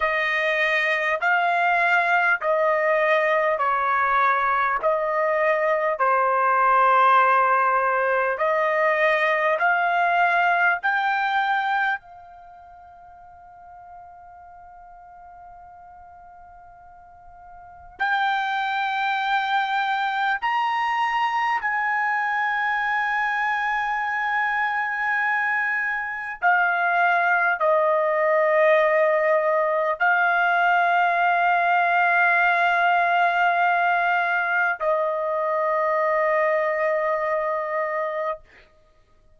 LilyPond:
\new Staff \with { instrumentName = "trumpet" } { \time 4/4 \tempo 4 = 50 dis''4 f''4 dis''4 cis''4 | dis''4 c''2 dis''4 | f''4 g''4 f''2~ | f''2. g''4~ |
g''4 ais''4 gis''2~ | gis''2 f''4 dis''4~ | dis''4 f''2.~ | f''4 dis''2. | }